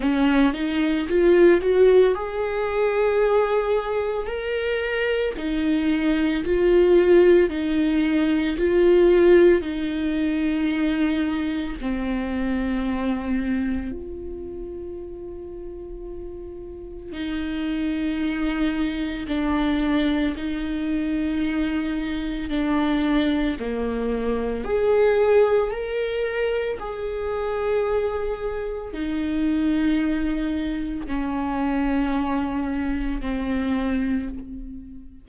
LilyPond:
\new Staff \with { instrumentName = "viola" } { \time 4/4 \tempo 4 = 56 cis'8 dis'8 f'8 fis'8 gis'2 | ais'4 dis'4 f'4 dis'4 | f'4 dis'2 c'4~ | c'4 f'2. |
dis'2 d'4 dis'4~ | dis'4 d'4 ais4 gis'4 | ais'4 gis'2 dis'4~ | dis'4 cis'2 c'4 | }